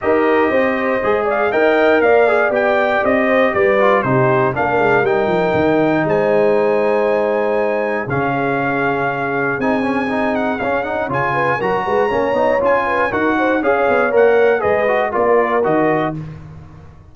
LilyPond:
<<
  \new Staff \with { instrumentName = "trumpet" } { \time 4/4 \tempo 4 = 119 dis''2~ dis''8 f''8 g''4 | f''4 g''4 dis''4 d''4 | c''4 f''4 g''2 | gis''1 |
f''2. gis''4~ | gis''8 fis''8 f''8 fis''8 gis''4 ais''4~ | ais''4 gis''4 fis''4 f''4 | fis''4 dis''4 d''4 dis''4 | }
  \new Staff \with { instrumentName = "horn" } { \time 4/4 ais'4 c''4. d''8 dis''4 | d''2~ d''8 c''8 b'4 | g'4 ais'2. | c''1 |
gis'1~ | gis'2 cis''8 b'8 ais'8 b'8 | cis''4. b'8 ais'8 c''8 cis''4~ | cis''4 b'4 ais'2 | }
  \new Staff \with { instrumentName = "trombone" } { \time 4/4 g'2 gis'4 ais'4~ | ais'8 gis'8 g'2~ g'8 f'8 | dis'4 d'4 dis'2~ | dis'1 |
cis'2. dis'8 cis'8 | dis'4 cis'8 dis'8 f'4 fis'4 | cis'8 dis'8 f'4 fis'4 gis'4 | ais'4 gis'8 fis'8 f'4 fis'4 | }
  \new Staff \with { instrumentName = "tuba" } { \time 4/4 dis'4 c'4 gis4 dis'4 | ais4 b4 c'4 g4 | c4 ais8 gis8 g8 f8 dis4 | gis1 |
cis2. c'4~ | c'4 cis'4 cis4 fis8 gis8 | ais8 b8 cis'4 dis'4 cis'8 b8 | ais4 gis4 ais4 dis4 | }
>>